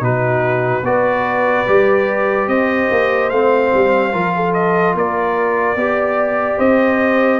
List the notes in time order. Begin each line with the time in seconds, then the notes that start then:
0.00 B2 D#4 F#4 B4
0.82 B3 F#4 B4 D5
1.66 G3 G4
2.47 C4 C5 D#5
2.90 A#3
3.29 A3 C4 F5
3.74 G3
4.12 F3 F4 A#4
4.36 A4
4.53 D#5
4.95 A#3 A#4 D5
5.76 B3 G4 D5
6.58 C4 C5 D#5